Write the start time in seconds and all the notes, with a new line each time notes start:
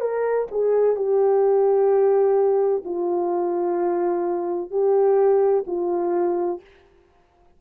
0.00 A#4
0.51 G#4
0.95 G4
2.85 F4
4.70 G4
5.67 F4